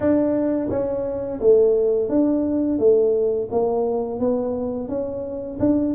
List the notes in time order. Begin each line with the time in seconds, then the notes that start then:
0.00 D4
0.70 C#4
1.40 A3
2.09 D4
2.78 A3
3.51 A#3
4.19 B3
4.88 C#4
5.59 D4